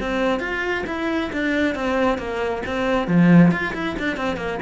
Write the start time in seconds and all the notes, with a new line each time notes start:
0.00 C4
0.40 F4
0.86 E4
1.33 D4
1.75 C4
2.18 A#3
2.66 C4
3.07 F3
3.51 F4
3.74 E4
3.99 D4
4.17 C4
4.36 A#3